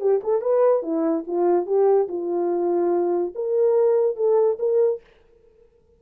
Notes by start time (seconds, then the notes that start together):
0.00 G4
0.23 A4
0.41 B4
0.82 E4
1.27 F4
1.66 G4
2.08 F4
3.35 A#4
4.16 A4
4.59 A#4